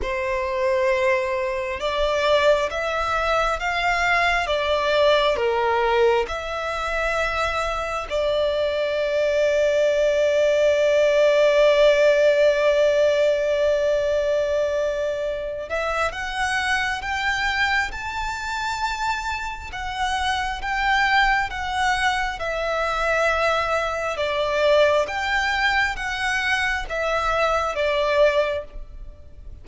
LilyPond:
\new Staff \with { instrumentName = "violin" } { \time 4/4 \tempo 4 = 67 c''2 d''4 e''4 | f''4 d''4 ais'4 e''4~ | e''4 d''2.~ | d''1~ |
d''4. e''8 fis''4 g''4 | a''2 fis''4 g''4 | fis''4 e''2 d''4 | g''4 fis''4 e''4 d''4 | }